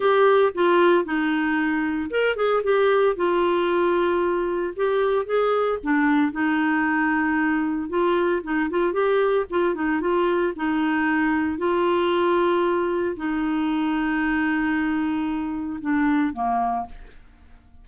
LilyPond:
\new Staff \with { instrumentName = "clarinet" } { \time 4/4 \tempo 4 = 114 g'4 f'4 dis'2 | ais'8 gis'8 g'4 f'2~ | f'4 g'4 gis'4 d'4 | dis'2. f'4 |
dis'8 f'8 g'4 f'8 dis'8 f'4 | dis'2 f'2~ | f'4 dis'2.~ | dis'2 d'4 ais4 | }